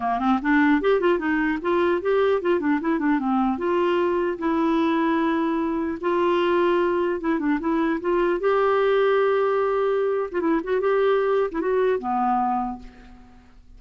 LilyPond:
\new Staff \with { instrumentName = "clarinet" } { \time 4/4 \tempo 4 = 150 ais8 c'8 d'4 g'8 f'8 dis'4 | f'4 g'4 f'8 d'8 e'8 d'8 | c'4 f'2 e'4~ | e'2. f'4~ |
f'2 e'8 d'8 e'4 | f'4 g'2.~ | g'4.~ g'16 f'16 e'8 fis'8 g'4~ | g'8. e'16 fis'4 b2 | }